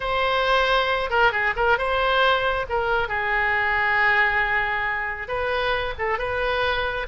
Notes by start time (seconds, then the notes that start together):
0.00 C5
1.10 A#4
1.32 G#4
1.56 A#4
1.77 C5
2.69 A#4
3.08 G#4
5.27 B4
5.98 A4
6.18 B4